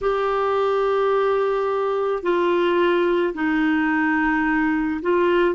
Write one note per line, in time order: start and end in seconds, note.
0.01 2.22 G4
2.22 3.33 F4
3.34 5.01 D#4
5.02 5.55 F4